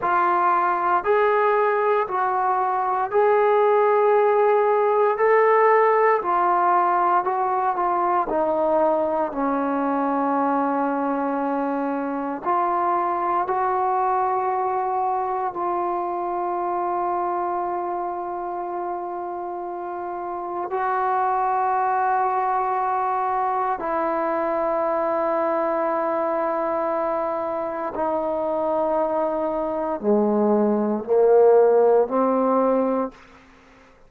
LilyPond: \new Staff \with { instrumentName = "trombone" } { \time 4/4 \tempo 4 = 58 f'4 gis'4 fis'4 gis'4~ | gis'4 a'4 f'4 fis'8 f'8 | dis'4 cis'2. | f'4 fis'2 f'4~ |
f'1 | fis'2. e'4~ | e'2. dis'4~ | dis'4 gis4 ais4 c'4 | }